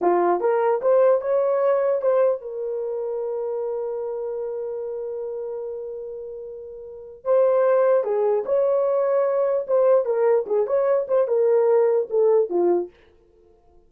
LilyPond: \new Staff \with { instrumentName = "horn" } { \time 4/4 \tempo 4 = 149 f'4 ais'4 c''4 cis''4~ | cis''4 c''4 ais'2~ | ais'1~ | ais'1~ |
ais'2 c''2 | gis'4 cis''2. | c''4 ais'4 gis'8 cis''4 c''8 | ais'2 a'4 f'4 | }